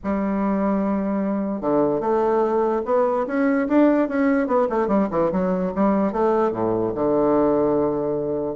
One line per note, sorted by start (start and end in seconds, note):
0.03 1.61 G3
1.61 2.00 D3
2.00 2.82 A3
2.85 3.25 B3
3.26 3.67 C#4
3.68 4.08 D4
4.08 4.47 C#4
4.47 4.67 B3
4.69 4.87 A3
4.87 5.08 G3
5.10 5.31 E3
5.32 5.73 F#3
5.75 6.12 G3
6.12 6.51 A3
6.51 6.92 A2
6.94 8.55 D3